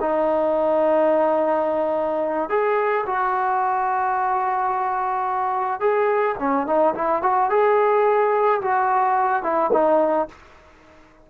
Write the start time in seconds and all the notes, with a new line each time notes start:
0.00 D#4
2.49 G#4
3.06 F#4
5.80 G#4
6.39 C#4
6.66 D#4
6.94 E4
7.22 F#4
7.50 G#4
8.61 F#4
9.43 E4
9.72 D#4